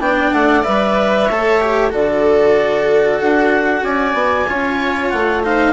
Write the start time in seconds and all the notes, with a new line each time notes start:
0.00 B3 D4 D5 G5
0.33 A3 F#5
0.64 G3 B4 E5
1.26 A3 A4 C#5
1.61 G4
1.90 D3 F#4 A4 D5
3.21 D4 F#5
3.83 C#4 D5 G#5
4.14 B3
4.48 C#4 F4 C#5
5.10 A3 F#5
5.44 D#4 C5 F5